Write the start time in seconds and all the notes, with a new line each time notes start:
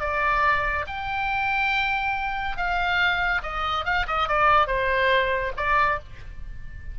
0.00 D5
0.87 G5
2.57 F5
3.43 D#5
3.85 F5
4.07 D#5
4.28 D5
4.67 C5
5.56 D5